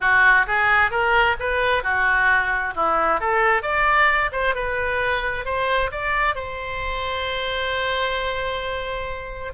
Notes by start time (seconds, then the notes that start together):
0.00 F#4
0.46 G#4
0.90 A#4
1.39 B4
1.83 F#4
2.75 E4
3.20 A4
3.62 D5
4.32 C5
4.54 B4
5.45 C5
5.91 D5
6.35 C5